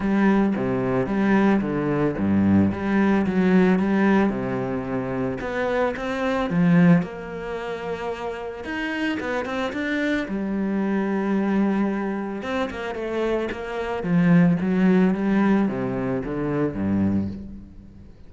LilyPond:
\new Staff \with { instrumentName = "cello" } { \time 4/4 \tempo 4 = 111 g4 c4 g4 d4 | g,4 g4 fis4 g4 | c2 b4 c'4 | f4 ais2. |
dis'4 b8 c'8 d'4 g4~ | g2. c'8 ais8 | a4 ais4 f4 fis4 | g4 c4 d4 g,4 | }